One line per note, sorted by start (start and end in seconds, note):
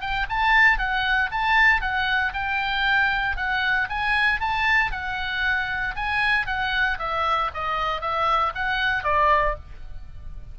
0.00 0.26 G5
0.29 0.78 A5
0.78 1.30 F#5
1.31 1.81 A5
1.81 2.33 F#5
2.33 3.36 G5
3.36 3.88 F#5
3.89 4.40 G#5
4.40 4.91 A5
4.91 5.95 F#5
5.95 6.46 G#5
6.46 6.98 F#5
6.99 7.50 E5
7.54 8.01 D#5
8.01 8.53 E5
8.55 9.03 F#5
9.03 9.55 D5